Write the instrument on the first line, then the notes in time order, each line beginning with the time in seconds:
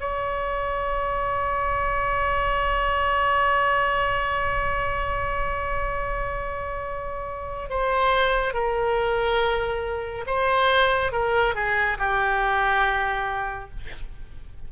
oboe
0.00 C#5
7.69 C5
8.53 A#4
10.26 C5
11.12 A#4
11.55 G#4
11.98 G4